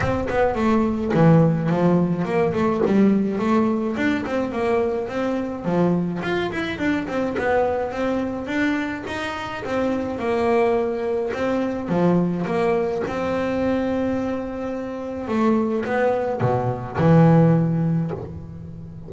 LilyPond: \new Staff \with { instrumentName = "double bass" } { \time 4/4 \tempo 4 = 106 c'8 b8 a4 e4 f4 | ais8 a8 g4 a4 d'8 c'8 | ais4 c'4 f4 f'8 e'8 | d'8 c'8 b4 c'4 d'4 |
dis'4 c'4 ais2 | c'4 f4 ais4 c'4~ | c'2. a4 | b4 b,4 e2 | }